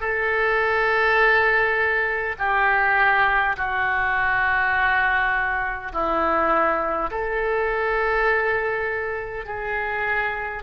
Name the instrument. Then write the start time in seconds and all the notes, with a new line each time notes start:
oboe
0.00 A4
2.39 G4
3.57 F#4
5.93 E4
7.11 A4
9.45 G#4